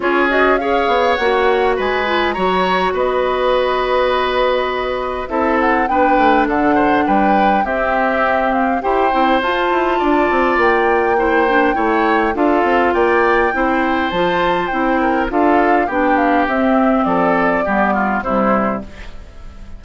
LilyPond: <<
  \new Staff \with { instrumentName = "flute" } { \time 4/4 \tempo 4 = 102 cis''8 dis''8 f''4 fis''4 gis''4 | ais''4 dis''2.~ | dis''4 e''8 fis''8 g''4 fis''4 | g''4 e''4. f''8 g''4 |
a''2 g''2~ | g''4 f''4 g''2 | a''4 g''4 f''4 g''8 f''8 | e''4 d''2 c''4 | }
  \new Staff \with { instrumentName = "oboe" } { \time 4/4 gis'4 cis''2 b'4 | cis''4 b'2.~ | b'4 a'4 b'4 a'8 c''8 | b'4 g'2 c''4~ |
c''4 d''2 c''4 | cis''4 a'4 d''4 c''4~ | c''4. ais'8 a'4 g'4~ | g'4 a'4 g'8 f'8 e'4 | }
  \new Staff \with { instrumentName = "clarinet" } { \time 4/4 f'8 fis'8 gis'4 fis'4. f'8 | fis'1~ | fis'4 e'4 d'2~ | d'4 c'2 g'8 e'8 |
f'2. e'8 d'8 | e'4 f'2 e'4 | f'4 e'4 f'4 d'4 | c'2 b4 g4 | }
  \new Staff \with { instrumentName = "bassoon" } { \time 4/4 cis'4. b8 ais4 gis4 | fis4 b2.~ | b4 c'4 b8 a8 d4 | g4 c'2 e'8 c'8 |
f'8 e'8 d'8 c'8 ais2 | a4 d'8 c'8 ais4 c'4 | f4 c'4 d'4 b4 | c'4 f4 g4 c4 | }
>>